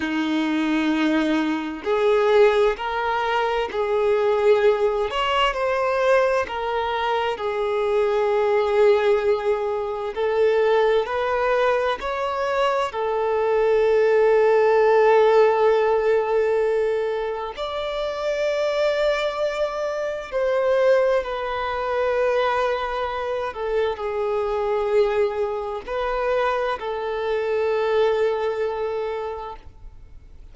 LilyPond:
\new Staff \with { instrumentName = "violin" } { \time 4/4 \tempo 4 = 65 dis'2 gis'4 ais'4 | gis'4. cis''8 c''4 ais'4 | gis'2. a'4 | b'4 cis''4 a'2~ |
a'2. d''4~ | d''2 c''4 b'4~ | b'4. a'8 gis'2 | b'4 a'2. | }